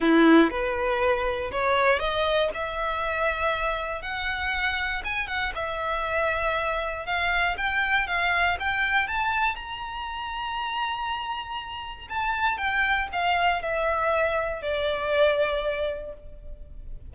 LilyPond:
\new Staff \with { instrumentName = "violin" } { \time 4/4 \tempo 4 = 119 e'4 b'2 cis''4 | dis''4 e''2. | fis''2 gis''8 fis''8 e''4~ | e''2 f''4 g''4 |
f''4 g''4 a''4 ais''4~ | ais''1 | a''4 g''4 f''4 e''4~ | e''4 d''2. | }